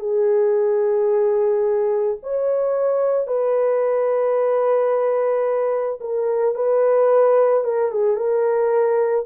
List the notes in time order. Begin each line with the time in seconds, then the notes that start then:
0.00 G#4
2.23 C#5
3.27 B4
6.00 A#4
6.55 B4
7.64 A#4
7.91 G#4
8.17 A#4